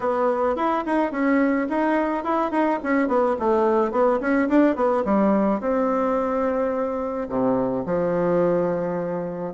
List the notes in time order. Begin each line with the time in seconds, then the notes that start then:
0.00 B3
0.56 E4
0.86 D#4
1.11 C#4
1.69 D#4
2.24 E4
2.51 D#4
2.83 C#4
3.07 B3
3.39 A3
3.91 B3
4.20 C#4
4.49 D4
4.75 B3
5.04 G3
5.60 C4
7.28 C3
7.85 F3